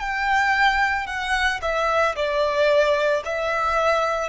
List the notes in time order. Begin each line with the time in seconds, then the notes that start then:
0.00 G5
1.07 F#5
1.62 E5
2.16 D5
3.25 E5